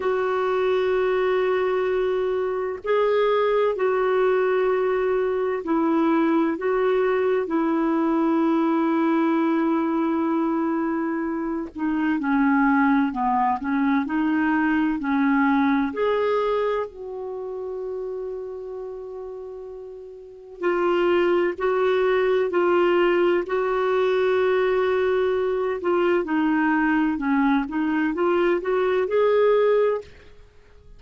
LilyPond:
\new Staff \with { instrumentName = "clarinet" } { \time 4/4 \tempo 4 = 64 fis'2. gis'4 | fis'2 e'4 fis'4 | e'1~ | e'8 dis'8 cis'4 b8 cis'8 dis'4 |
cis'4 gis'4 fis'2~ | fis'2 f'4 fis'4 | f'4 fis'2~ fis'8 f'8 | dis'4 cis'8 dis'8 f'8 fis'8 gis'4 | }